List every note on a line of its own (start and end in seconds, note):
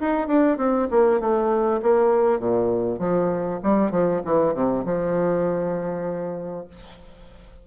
0.00 0.28 D#4
0.28 0.58 D4
0.58 0.88 C4
0.91 1.20 A#3
1.20 1.81 A3
1.82 2.39 A#3
2.39 2.99 A#2
2.99 3.60 F3
3.63 3.91 G3
3.91 4.21 F3
4.25 4.54 E3
4.54 4.84 C3
4.85 6.67 F3